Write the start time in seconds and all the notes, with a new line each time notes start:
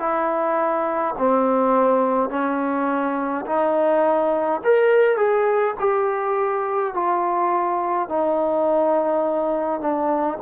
0.00 E4
1.19 C4
2.30 C#4
3.46 D#4
4.65 A#4
5.17 G#4
5.80 G4
6.94 F4
8.09 D#4
9.81 D4